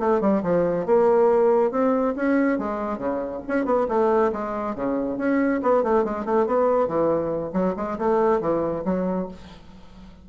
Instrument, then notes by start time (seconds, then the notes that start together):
bassoon
0.00 A3
0.21 G3
0.43 F3
0.86 A#3
1.71 C4
2.16 C#4
2.59 G#3
2.99 C#3
3.48 C#4
3.66 B3
3.89 A3
4.33 G#3
4.76 C#3
5.18 C#4
5.63 B3
5.84 A3
6.05 G#3
6.26 A3
6.47 B3
6.88 E3
7.53 F#3
7.77 G#3
7.99 A3
8.41 E3
8.85 F#3